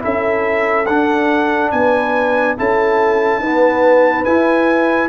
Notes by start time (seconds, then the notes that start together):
0.00 C#4 E4 A4 E5
0.86 D4 F#5
1.71 B3 B4 G#5
2.58 C#4 E4 A4 A5
3.39 B3 D#4 B4
4.25 E4 G#5